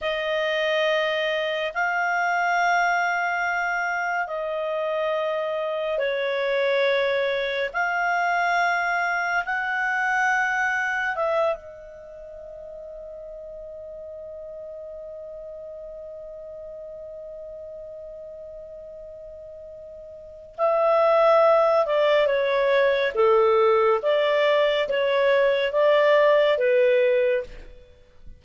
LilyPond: \new Staff \with { instrumentName = "clarinet" } { \time 4/4 \tempo 4 = 70 dis''2 f''2~ | f''4 dis''2 cis''4~ | cis''4 f''2 fis''4~ | fis''4 e''8 dis''2~ dis''8~ |
dis''1~ | dis''1 | e''4. d''8 cis''4 a'4 | d''4 cis''4 d''4 b'4 | }